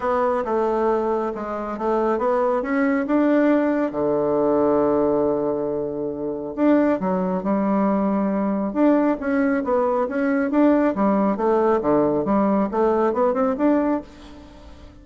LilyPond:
\new Staff \with { instrumentName = "bassoon" } { \time 4/4 \tempo 4 = 137 b4 a2 gis4 | a4 b4 cis'4 d'4~ | d'4 d2.~ | d2. d'4 |
fis4 g2. | d'4 cis'4 b4 cis'4 | d'4 g4 a4 d4 | g4 a4 b8 c'8 d'4 | }